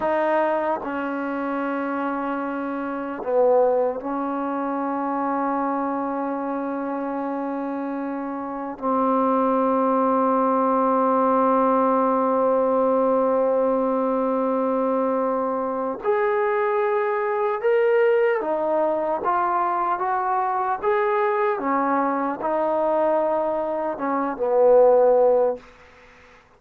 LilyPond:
\new Staff \with { instrumentName = "trombone" } { \time 4/4 \tempo 4 = 75 dis'4 cis'2. | b4 cis'2.~ | cis'2. c'4~ | c'1~ |
c'1 | gis'2 ais'4 dis'4 | f'4 fis'4 gis'4 cis'4 | dis'2 cis'8 b4. | }